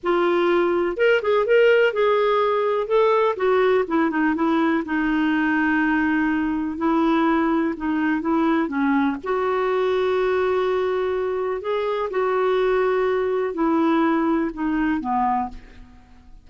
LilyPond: \new Staff \with { instrumentName = "clarinet" } { \time 4/4 \tempo 4 = 124 f'2 ais'8 gis'8 ais'4 | gis'2 a'4 fis'4 | e'8 dis'8 e'4 dis'2~ | dis'2 e'2 |
dis'4 e'4 cis'4 fis'4~ | fis'1 | gis'4 fis'2. | e'2 dis'4 b4 | }